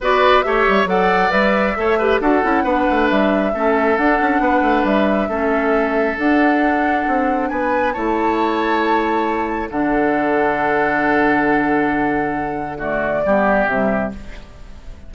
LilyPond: <<
  \new Staff \with { instrumentName = "flute" } { \time 4/4 \tempo 4 = 136 d''4 e''4 fis''4 e''4~ | e''4 fis''2 e''4~ | e''4 fis''2 e''4~ | e''2 fis''2~ |
fis''4 gis''4 a''2~ | a''2 fis''2~ | fis''1~ | fis''4 d''2 e''4 | }
  \new Staff \with { instrumentName = "oboe" } { \time 4/4 b'4 cis''4 d''2 | cis''8 b'8 a'4 b'2 | a'2 b'2 | a'1~ |
a'4 b'4 cis''2~ | cis''2 a'2~ | a'1~ | a'4 fis'4 g'2 | }
  \new Staff \with { instrumentName = "clarinet" } { \time 4/4 fis'4 g'4 a'4 b'4 | a'8 g'8 fis'8 e'8 d'2 | cis'4 d'2. | cis'2 d'2~ |
d'2 e'2~ | e'2 d'2~ | d'1~ | d'4 a4 b4 g4 | }
  \new Staff \with { instrumentName = "bassoon" } { \time 4/4 b4 a8 g8 fis4 g4 | a4 d'8 cis'8 b8 a8 g4 | a4 d'8 cis'8 b8 a8 g4 | a2 d'2 |
c'4 b4 a2~ | a2 d2~ | d1~ | d2 g4 c4 | }
>>